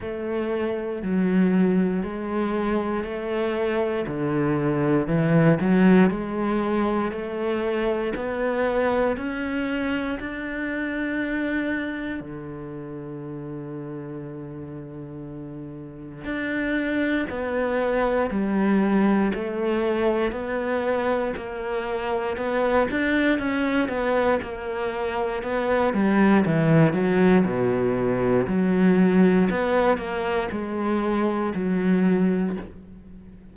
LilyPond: \new Staff \with { instrumentName = "cello" } { \time 4/4 \tempo 4 = 59 a4 fis4 gis4 a4 | d4 e8 fis8 gis4 a4 | b4 cis'4 d'2 | d1 |
d'4 b4 g4 a4 | b4 ais4 b8 d'8 cis'8 b8 | ais4 b8 g8 e8 fis8 b,4 | fis4 b8 ais8 gis4 fis4 | }